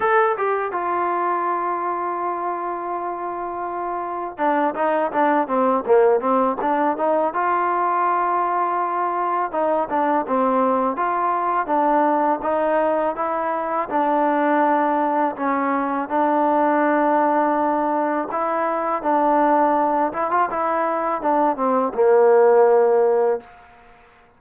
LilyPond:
\new Staff \with { instrumentName = "trombone" } { \time 4/4 \tempo 4 = 82 a'8 g'8 f'2.~ | f'2 d'8 dis'8 d'8 c'8 | ais8 c'8 d'8 dis'8 f'2~ | f'4 dis'8 d'8 c'4 f'4 |
d'4 dis'4 e'4 d'4~ | d'4 cis'4 d'2~ | d'4 e'4 d'4. e'16 f'16 | e'4 d'8 c'8 ais2 | }